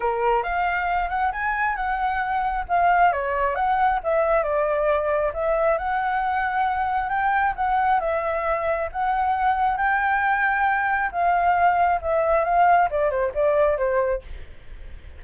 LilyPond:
\new Staff \with { instrumentName = "flute" } { \time 4/4 \tempo 4 = 135 ais'4 f''4. fis''8 gis''4 | fis''2 f''4 cis''4 | fis''4 e''4 d''2 | e''4 fis''2. |
g''4 fis''4 e''2 | fis''2 g''2~ | g''4 f''2 e''4 | f''4 d''8 c''8 d''4 c''4 | }